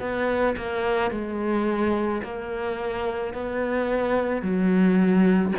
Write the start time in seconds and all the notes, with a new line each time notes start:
0.00 B3
0.57 A#3
1.11 G#3
2.23 A#3
3.34 B3
4.42 F#3